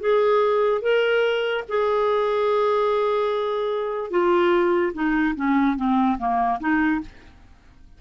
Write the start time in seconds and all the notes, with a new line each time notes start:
0.00 G#4
0.82 A#4
1.68 G#4
4.11 F4
4.94 D#4
5.36 C#4
5.76 C4
6.18 A#3
6.60 D#4